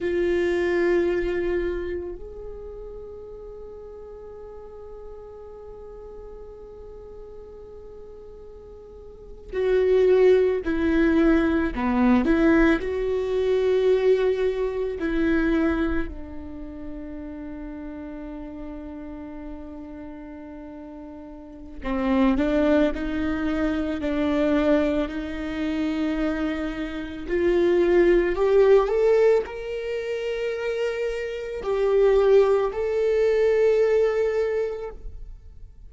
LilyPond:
\new Staff \with { instrumentName = "viola" } { \time 4/4 \tempo 4 = 55 f'2 gis'2~ | gis'1~ | gis'8. fis'4 e'4 b8 e'8 fis'16~ | fis'4.~ fis'16 e'4 d'4~ d'16~ |
d'1 | c'8 d'8 dis'4 d'4 dis'4~ | dis'4 f'4 g'8 a'8 ais'4~ | ais'4 g'4 a'2 | }